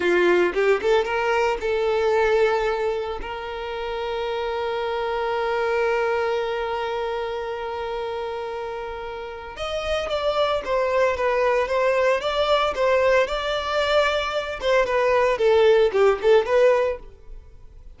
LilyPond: \new Staff \with { instrumentName = "violin" } { \time 4/4 \tempo 4 = 113 f'4 g'8 a'8 ais'4 a'4~ | a'2 ais'2~ | ais'1~ | ais'1~ |
ais'2 dis''4 d''4 | c''4 b'4 c''4 d''4 | c''4 d''2~ d''8 c''8 | b'4 a'4 g'8 a'8 b'4 | }